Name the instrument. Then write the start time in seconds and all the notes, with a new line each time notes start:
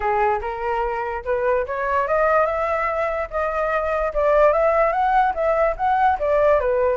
flute
0.00 G#4
0.41 A#4
1.25 B4
1.66 C#5
2.07 D#5
2.46 E5
3.30 D#5
4.13 D5
4.52 E5
4.92 F#5
5.34 E5
5.76 F#5
6.19 D5
6.60 B4